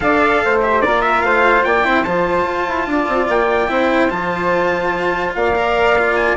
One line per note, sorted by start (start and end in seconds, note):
0.00 0.42 D4
0.00 0.60 A4
0.00 0.43 D5
0.00 0.60 F5
0.44 0.84 A3
0.44 0.85 C5
0.62 0.82 G4
0.62 0.81 E5
0.81 1.22 A#3
0.81 1.83 F4
0.81 1.25 A#4
0.81 1.01 D5
1.01 1.22 E5
1.22 1.63 A3
1.22 1.66 C5
1.22 1.63 F5
1.63 1.85 A#3
1.63 1.85 D5
1.63 2.03 G5
1.83 2.05 C4
1.83 2.04 E4
1.83 2.87 C5
2.03 2.44 F3
2.03 3.68 F4
2.03 3.26 A5
2.44 2.65 F4
2.68 2.86 E4
2.86 3.07 D4
2.86 3.70 D5
3.08 3.28 C4
3.28 3.68 A#3
3.28 4.10 G5
3.68 4.10 C4
3.68 4.09 E4
3.68 5.36 C5
4.09 5.34 F3
4.09 5.53 F4
4.09 5.33 A5
5.34 6.36 A#3
5.34 6.36 D5
5.34 6.15 F5
5.55 5.96 A#4
5.98 6.36 F4
6.15 6.36 G#5